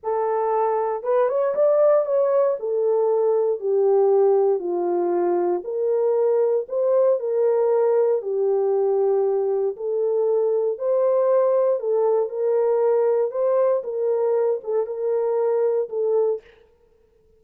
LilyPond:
\new Staff \with { instrumentName = "horn" } { \time 4/4 \tempo 4 = 117 a'2 b'8 cis''8 d''4 | cis''4 a'2 g'4~ | g'4 f'2 ais'4~ | ais'4 c''4 ais'2 |
g'2. a'4~ | a'4 c''2 a'4 | ais'2 c''4 ais'4~ | ais'8 a'8 ais'2 a'4 | }